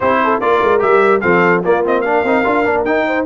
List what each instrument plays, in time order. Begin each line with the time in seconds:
0.00 tuba C4, trombone E4, horn G4, trumpet C5
0.23 horn A4
0.40 tuba A#3, trombone F4, horn A#4, trumpet D5
0.62 tuba G#3
0.79 tuba G3, trombone G4, trumpet E5
1.20 tuba F3, trombone C4, horn A4, trumpet F5
1.63 trombone A#3, tuba A#3, horn F4, trumpet D5
1.84 trombone C4, trumpet D#5
2.01 trombone D4, horn A#4, trumpet F5
2.24 tuba C4, trombone D#4
2.44 tuba D4, trombone F4
2.64 tuba A#3, trombone D4
2.84 tuba D#4, trombone D#4, trumpet G5
3.06 horn C5